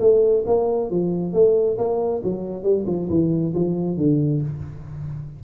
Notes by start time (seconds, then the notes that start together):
0.00 A3
0.46 A#3
0.90 F3
1.33 A3
1.78 A#3
2.23 F#3
2.63 G3
2.87 F3
3.09 E3
3.54 F3
3.97 D3